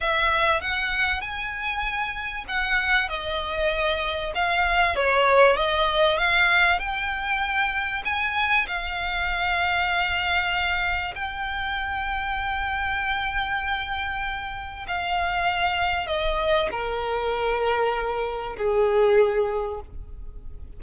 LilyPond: \new Staff \with { instrumentName = "violin" } { \time 4/4 \tempo 4 = 97 e''4 fis''4 gis''2 | fis''4 dis''2 f''4 | cis''4 dis''4 f''4 g''4~ | g''4 gis''4 f''2~ |
f''2 g''2~ | g''1 | f''2 dis''4 ais'4~ | ais'2 gis'2 | }